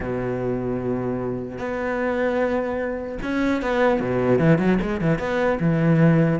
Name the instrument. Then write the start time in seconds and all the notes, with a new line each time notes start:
cello
0.00 B2
1.58 B3
3.22 C#4
3.61 B3
3.99 B2
4.39 E3
4.58 F#3
4.82 G#3
5.01 E3
5.18 B3
5.60 E3